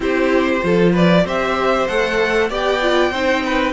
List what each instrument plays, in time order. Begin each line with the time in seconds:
0.00 cello C4, viola E4, violin G4 C5
0.60 cello F3, viola F4, violin A4
0.92 violin B4 D5
1.24 cello C4, viola G4, violin C5 E5
1.87 cello A3, viola A4, violin F#5
2.49 cello B3, viola G4, violin D5 G5
2.81 viola F4
3.10 cello C4, viola D#4, violin C5
3.45 violin B4